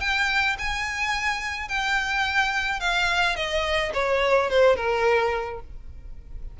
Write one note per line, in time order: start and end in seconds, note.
0.00 0.56 G5
0.58 1.68 G#5
1.68 2.80 G5
2.80 3.36 F5
3.36 3.92 D#5
3.94 4.50 C#5
4.50 4.76 C5
4.76 5.60 A#4